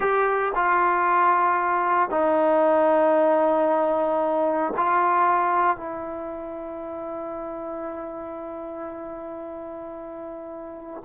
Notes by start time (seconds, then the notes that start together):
0.00 G4
0.55 F4
2.10 D#4
4.77 F4
5.76 E4